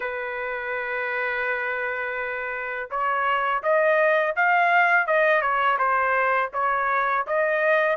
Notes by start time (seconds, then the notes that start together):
0.00 B4
2.90 C#5
3.62 D#5
4.36 F5
5.06 D#5
5.41 C#5
5.78 C5
6.53 C#5
7.27 D#5